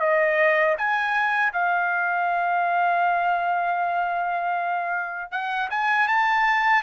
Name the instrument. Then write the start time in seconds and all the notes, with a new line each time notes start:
trumpet
0.00 D#5
0.78 G#5
1.53 F5
5.31 F#5
5.70 G#5
6.08 A5